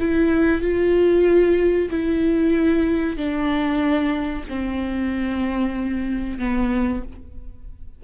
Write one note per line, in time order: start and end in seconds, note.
0.00 0.62 E4
0.62 1.89 F4
1.90 3.17 E4
3.17 4.45 D4
4.49 6.39 C4
6.39 7.03 B3